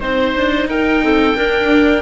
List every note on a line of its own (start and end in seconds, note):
0.00 0.36 C4
0.00 1.02 D#4
0.00 0.67 C5
0.00 0.69 C5
0.36 0.66 D4
0.66 1.33 D#4
0.66 1.04 A#4
0.66 2.02 G5
1.03 1.37 C4
1.03 1.37 A4
1.35 2.02 D4
1.35 2.02 A#4